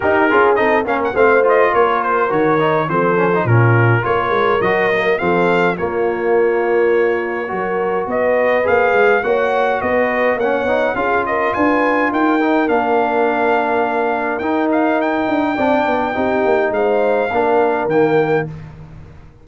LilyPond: <<
  \new Staff \with { instrumentName = "trumpet" } { \time 4/4 \tempo 4 = 104 ais'4 dis''8 f''16 fis''16 f''8 dis''8 cis''8 c''8 | cis''4 c''4 ais'4 cis''4 | dis''4 f''4 cis''2~ | cis''2 dis''4 f''4 |
fis''4 dis''4 fis''4 f''8 dis''8 | gis''4 g''4 f''2~ | f''4 g''8 f''8 g''2~ | g''4 f''2 g''4 | }
  \new Staff \with { instrumentName = "horn" } { \time 4/4 g'8 gis'8 a'8 ais'8 c''4 ais'4~ | ais'4 a'4 f'4 ais'4~ | ais'4 a'4 f'2~ | f'4 ais'4 b'2 |
cis''4 b'4 cis''4 gis'8 ais'8 | b'4 ais'2.~ | ais'2. d''4 | g'4 c''4 ais'2 | }
  \new Staff \with { instrumentName = "trombone" } { \time 4/4 dis'8 f'8 dis'8 cis'8 c'8 f'4. | fis'8 dis'8 c'8 cis'16 dis'16 cis'4 f'4 | fis'8 ais8 c'4 ais2~ | ais4 fis'2 gis'4 |
fis'2 cis'8 dis'8 f'4~ | f'4. dis'8 d'2~ | d'4 dis'2 d'4 | dis'2 d'4 ais4 | }
  \new Staff \with { instrumentName = "tuba" } { \time 4/4 dis'8 cis'8 c'8 ais8 a4 ais4 | dis4 f4 ais,4 ais8 gis8 | fis4 f4 ais2~ | ais4 fis4 b4 ais8 gis8 |
ais4 b4 ais8 b8 cis'4 | d'4 dis'4 ais2~ | ais4 dis'4. d'8 c'8 b8 | c'8 ais8 gis4 ais4 dis4 | }
>>